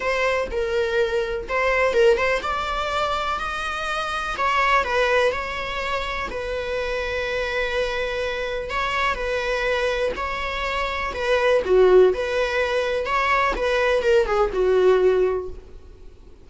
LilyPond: \new Staff \with { instrumentName = "viola" } { \time 4/4 \tempo 4 = 124 c''4 ais'2 c''4 | ais'8 c''8 d''2 dis''4~ | dis''4 cis''4 b'4 cis''4~ | cis''4 b'2.~ |
b'2 cis''4 b'4~ | b'4 cis''2 b'4 | fis'4 b'2 cis''4 | b'4 ais'8 gis'8 fis'2 | }